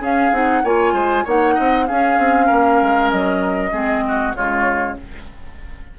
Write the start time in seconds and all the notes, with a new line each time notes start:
0.00 C#4 G#4 F5
0.32 C4 D#4 F#5
0.64 A#3 F4 C#5 G#5
0.93 G#3 C5
1.24 A#3 D#4 C#5 F#5
1.55 C4 D#5
1.87 C#4 G#4 F5
2.18 C4
2.46 A#3 A#4
2.82 G#3
3.10 F#3 D#5
3.72 G#3 C4 G#4
4.08 F#4
4.34 C#3 G#3 F4 C#5